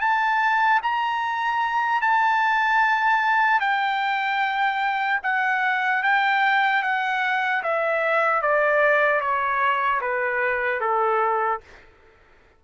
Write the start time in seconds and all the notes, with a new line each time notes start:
0.00 A5
0.83 A#5
2.01 A5
3.60 G5
5.23 F#5
6.03 G5
6.82 F#5
7.63 E5
8.41 D5
9.20 C#5
10.01 B4
10.80 A4